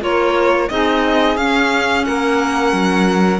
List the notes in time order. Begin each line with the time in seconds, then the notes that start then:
0.00 A#3 F4 A#4 C#5
0.68 C4 D#4 G#4 D#5
1.36 C#4 F5
2.05 A#3 A#4 F#5
2.72 F#3